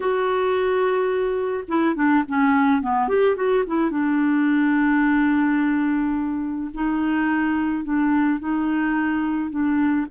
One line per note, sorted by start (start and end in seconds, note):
0.00 1.64 F#4
1.67 1.95 E4
1.95 2.23 D4
2.28 2.81 C#4
2.81 3.08 B3
3.08 3.36 G4
3.36 3.64 F#4
3.67 3.90 E4
3.90 6.70 D4
6.74 7.84 D#4
7.84 8.39 D4
8.39 9.50 D#4
9.50 10.06 D4